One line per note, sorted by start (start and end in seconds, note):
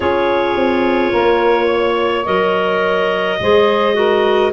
0.00 0.56 C#4
0.00 2.25 F4
0.00 1.11 G#4
0.00 2.25 C#5
0.56 1.12 C4
1.11 2.26 A#3
1.11 1.65 A#4
1.65 3.35 C#5
2.25 3.40 F#3
2.25 3.38 A#4
2.25 4.52 D#5
3.40 4.52 G#3
3.40 3.94 G#4
3.40 3.96 C5
3.94 4.50 F#4
3.94 4.52 A#4